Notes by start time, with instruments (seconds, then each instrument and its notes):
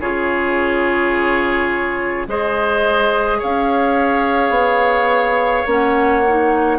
0.00 bassoon C#3, clarinet F4, oboe G#4, flute C#5
2.27 bassoon G#3, clarinet G#4, oboe C5, flute D#5
3.39 bassoon C#4, oboe C#5, flute F5
4.50 bassoon B3
5.66 bassoon A#3, clarinet C#4, flute F#5
6.28 clarinet D#4